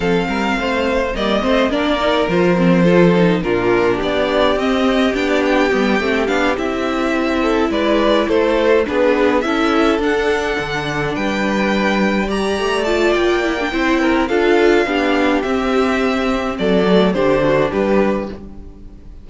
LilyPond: <<
  \new Staff \with { instrumentName = "violin" } { \time 4/4 \tempo 4 = 105 f''2 dis''4 d''4 | c''2 ais'4 d''4 | dis''4 g''16 d''16 g''4. f''8 e''8~ | e''4. d''4 c''4 b'8~ |
b'8 e''4 fis''2 g''8~ | g''4. ais''4 a''8 g''4~ | g''4 f''2 e''4~ | e''4 d''4 c''4 b'4 | }
  \new Staff \with { instrumentName = "violin" } { \time 4/4 a'8 ais'8 c''4 d''8 c''8 ais'4~ | ais'4 a'4 f'4 g'4~ | g'1~ | g'4 a'8 b'4 a'4 gis'8~ |
gis'8 a'2. b'8~ | b'4. d''2~ d''8 | c''8 ais'8 a'4 g'2~ | g'4 a'4 g'8 fis'8 g'4 | }
  \new Staff \with { instrumentName = "viola" } { \time 4/4 c'2 ais8 c'8 d'8 dis'8 | f'8 c'8 f'8 dis'8 d'2 | c'4 d'4 b8 c'8 d'8 e'8~ | e'2.~ e'8 d'8~ |
d'8 e'4 d'2~ d'8~ | d'4. g'4 f'4 e'16 d'16 | e'4 f'4 d'4 c'4~ | c'4. a8 d'2 | }
  \new Staff \with { instrumentName = "cello" } { \time 4/4 f8 g8 a4 g8 a8 ais4 | f2 ais,4 b4 | c'4 b4 g8 a8 b8 c'8~ | c'4. gis4 a4 b8~ |
b8 cis'4 d'4 d4 g8~ | g2 a4 ais4 | c'4 d'4 b4 c'4~ | c'4 fis4 d4 g4 | }
>>